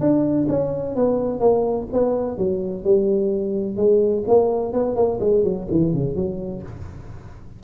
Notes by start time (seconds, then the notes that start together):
0.00 D4
0.48 C#4
0.96 B3
1.40 A#3
1.92 B3
2.37 F#3
2.84 G3
3.76 G#3
4.28 A#3
4.73 B3
4.96 A#3
5.20 G#3
5.44 F#3
5.71 E3
5.94 C#3
6.15 F#3